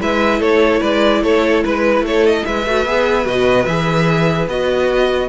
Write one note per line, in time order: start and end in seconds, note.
0.00 0.40 G#3
0.00 2.65 E4
0.00 0.40 B4
0.00 0.42 E5
0.40 0.81 A3
0.40 0.80 A4
0.40 0.82 C#5
0.80 1.23 G#3
0.80 1.21 B4
0.80 1.23 D5
1.23 1.63 A3
1.23 1.64 A4
1.23 1.63 C#5
1.64 2.02 G#3
1.64 2.05 B4
2.02 2.42 A3
2.02 2.46 A4
2.02 2.26 C#5
2.26 2.45 D#5
2.45 2.66 G#3
2.45 5.29 B4
2.45 3.27 E5
2.66 2.86 A3
2.66 2.86 F#4
2.86 3.26 B3
2.86 3.26 G#4
3.26 3.66 B2
3.26 3.66 F#4
3.26 3.65 D#5
3.65 4.47 E3
3.65 4.50 G#4
3.65 4.47 E5
4.47 5.29 B3
4.47 5.29 F#4
4.47 5.29 D#5